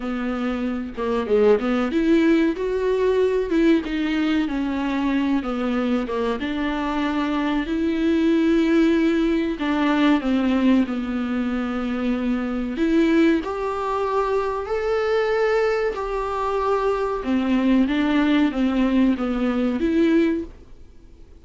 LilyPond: \new Staff \with { instrumentName = "viola" } { \time 4/4 \tempo 4 = 94 b4. ais8 gis8 b8 e'4 | fis'4. e'8 dis'4 cis'4~ | cis'8 b4 ais8 d'2 | e'2. d'4 |
c'4 b2. | e'4 g'2 a'4~ | a'4 g'2 c'4 | d'4 c'4 b4 e'4 | }